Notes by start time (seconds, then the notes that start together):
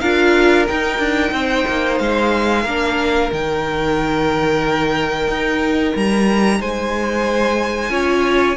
0.00 D4 F4 A#4 F5
0.67 D#4 G5
0.99 D4
1.32 C4 C5
1.68 A#3
1.99 G#3 F5
2.63 A#3 D4 A#4
3.32 D#3 D#4 G5
5.28 D#4
5.96 G3 A#5
6.60 G#3 C5 G#5
7.90 C#4 F4 C#5